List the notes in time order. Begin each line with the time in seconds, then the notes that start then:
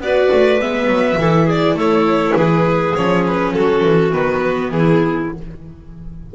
0.00 B3 F#4 B4 D5
0.32 A3
0.61 G#3 B3 E5
0.87 F#3
1.17 E3 E4 A4
1.46 G#4 D5
1.74 A3 A4 C#5
2.36 E3 G#4 B4
2.95 F3 C#4 C#5
3.27 B4
3.53 F#3 F#4 A4
3.83 E3
4.12 D#3 B3 B4
4.70 E3 E4 G#4